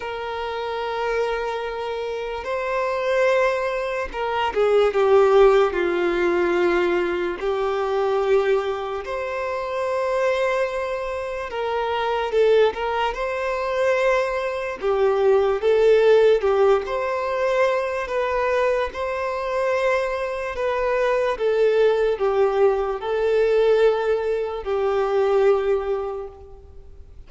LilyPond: \new Staff \with { instrumentName = "violin" } { \time 4/4 \tempo 4 = 73 ais'2. c''4~ | c''4 ais'8 gis'8 g'4 f'4~ | f'4 g'2 c''4~ | c''2 ais'4 a'8 ais'8 |
c''2 g'4 a'4 | g'8 c''4. b'4 c''4~ | c''4 b'4 a'4 g'4 | a'2 g'2 | }